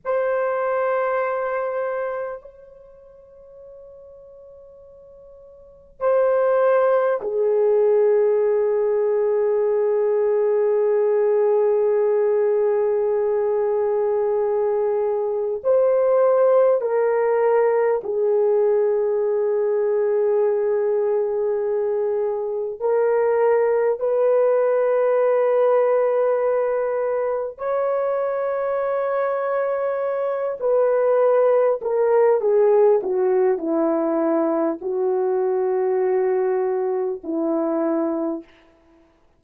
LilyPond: \new Staff \with { instrumentName = "horn" } { \time 4/4 \tempo 4 = 50 c''2 cis''2~ | cis''4 c''4 gis'2~ | gis'1~ | gis'4 c''4 ais'4 gis'4~ |
gis'2. ais'4 | b'2. cis''4~ | cis''4. b'4 ais'8 gis'8 fis'8 | e'4 fis'2 e'4 | }